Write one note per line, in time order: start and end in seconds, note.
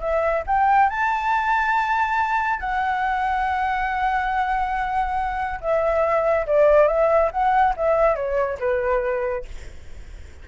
0.00 0.43 E5
0.46 0.89 G5
0.90 2.60 A5
2.60 5.60 F#5
5.60 6.46 E5
6.47 6.87 D5
6.87 7.30 E5
7.31 7.74 F#5
7.77 8.15 E5
8.15 8.58 C#5
8.59 9.45 B4